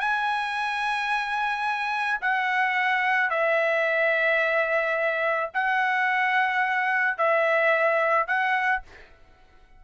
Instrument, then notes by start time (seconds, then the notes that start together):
trumpet
0.00 G#5
2.21 F#5
3.30 E5
5.54 F#5
7.18 E5
8.27 F#5